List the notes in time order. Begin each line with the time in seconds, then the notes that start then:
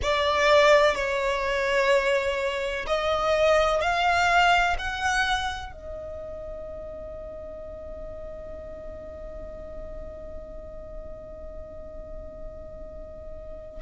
0.02 D5
0.95 C#5
2.87 D#5
3.81 F5
4.78 F#5
5.72 D#5